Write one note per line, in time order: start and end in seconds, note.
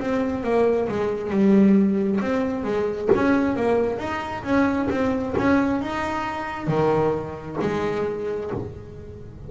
0.00 0.44 C4
0.44 0.88 A#3
0.89 1.31 G#3
1.31 2.20 G3
2.21 2.64 C4
2.64 3.09 G#3
3.15 3.56 C#4
3.56 3.99 A#3
3.99 4.43 D#4
4.44 4.88 C#4
4.90 5.35 C4
5.38 5.82 C#4
5.82 6.67 D#4
6.67 7.57 D#3
7.62 8.51 G#3